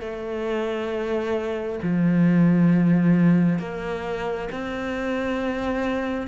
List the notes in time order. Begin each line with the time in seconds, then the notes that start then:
0.00 A3
1.82 F3
3.59 A#3
4.51 C4